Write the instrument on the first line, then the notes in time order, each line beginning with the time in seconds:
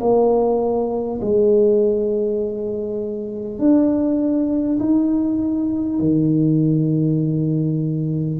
tuba
0.00 A#3
1.21 G#3
3.58 D4
4.79 D#4
5.99 D#3